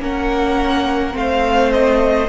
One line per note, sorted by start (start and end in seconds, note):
0.00 1.14 A#3
0.00 1.12 C#4
0.00 1.17 A#4
0.00 1.17 F#5
1.12 2.29 A3
1.12 2.27 C4
1.12 1.72 F5
1.18 2.29 C5
1.72 2.29 D#5